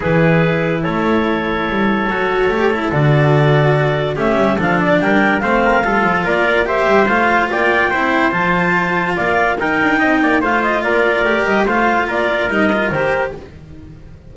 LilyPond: <<
  \new Staff \with { instrumentName = "clarinet" } { \time 4/4 \tempo 4 = 144 b'2 cis''2~ | cis''2. d''4~ | d''2 e''4 f''8 d''8 | g''4 f''2 d''4 |
e''4 f''4 g''2 | a''2 f''4 g''4~ | g''4 f''8 dis''8 d''4. dis''8 | f''4 d''4 dis''4 c''4 | }
  \new Staff \with { instrumentName = "trumpet" } { \time 4/4 gis'2 a'2~ | a'1~ | a'2 g'4 a'4 | ais'4 c''8 ais'8 a'4 ais'4 |
c''2 d''4 c''4~ | c''2 d''4 ais'4 | dis''8 d''8 c''4 ais'2 | c''4 ais'2. | }
  \new Staff \with { instrumentName = "cello" } { \time 4/4 e'1~ | e'4 fis'4 g'8 e'8 fis'4~ | fis'2 cis'4 d'4~ | d'4 c'4 f'2 |
g'4 f'2 e'4 | f'2. dis'4~ | dis'4 f'2 g'4 | f'2 dis'8 f'8 g'4 | }
  \new Staff \with { instrumentName = "double bass" } { \time 4/4 e2 a2 | g4 fis4 a4 d4~ | d2 a8 g8 f4 | g4 a4 g8 f8 ais4~ |
ais8 g8 a4 ais4 c'4 | f2 ais4 dis'8 d'8 | c'8 ais8 a4 ais4 a8 g8 | a4 ais4 g4 dis4 | }
>>